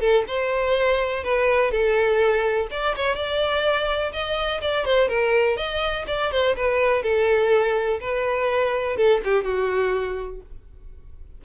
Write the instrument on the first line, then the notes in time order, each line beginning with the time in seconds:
violin
0.00 A4
0.27 C5
1.23 B4
1.71 A4
2.71 D5
2.96 C#5
3.15 D5
4.12 D#5
4.61 D5
4.85 C5
5.08 A#4
5.57 D#5
6.07 D5
6.31 C5
6.56 B4
7.03 A4
8.00 B4
8.97 A4
9.24 G4
9.44 F#4